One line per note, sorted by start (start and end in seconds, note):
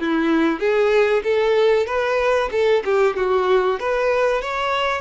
0.00 0.60 E4
0.60 1.23 G#4
1.24 1.87 A4
1.87 2.50 B4
2.52 2.84 A4
2.85 3.17 G4
3.17 3.80 F#4
3.80 4.42 B4
4.42 5.02 C#5